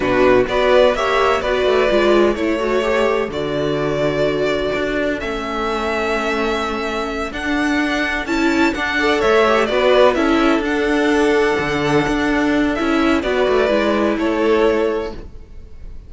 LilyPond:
<<
  \new Staff \with { instrumentName = "violin" } { \time 4/4 \tempo 4 = 127 b'4 d''4 e''4 d''4~ | d''4 cis''2 d''4~ | d''2. e''4~ | e''2.~ e''8 fis''8~ |
fis''4. a''4 fis''4 e''8~ | e''8 d''4 e''4 fis''4.~ | fis''2. e''4 | d''2 cis''2 | }
  \new Staff \with { instrumentName = "violin" } { \time 4/4 fis'4 b'4 cis''4 b'4~ | b'4 a'2.~ | a'1~ | a'1~ |
a'2. d''8 cis''8~ | cis''8 b'4 a'2~ a'8~ | a'1 | b'2 a'2 | }
  \new Staff \with { instrumentName = "viola" } { \time 4/4 d'4 fis'4 g'4 fis'4 | f'4 e'8 fis'8 g'4 fis'4~ | fis'2. cis'4~ | cis'2.~ cis'8 d'8~ |
d'4. e'4 d'8 a'4 | g'8 fis'4 e'4 d'4.~ | d'2. e'4 | fis'4 e'2. | }
  \new Staff \with { instrumentName = "cello" } { \time 4/4 b,4 b4 ais4 b8 a8 | gis4 a2 d4~ | d2 d'4 a4~ | a2.~ a8 d'8~ |
d'4. cis'4 d'4 a8~ | a8 b4 cis'4 d'4.~ | d'8 d4 d'4. cis'4 | b8 a8 gis4 a2 | }
>>